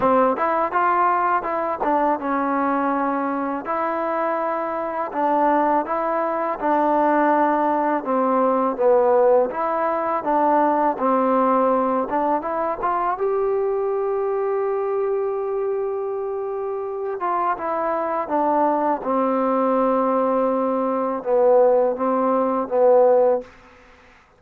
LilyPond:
\new Staff \with { instrumentName = "trombone" } { \time 4/4 \tempo 4 = 82 c'8 e'8 f'4 e'8 d'8 cis'4~ | cis'4 e'2 d'4 | e'4 d'2 c'4 | b4 e'4 d'4 c'4~ |
c'8 d'8 e'8 f'8 g'2~ | g'2.~ g'8 f'8 | e'4 d'4 c'2~ | c'4 b4 c'4 b4 | }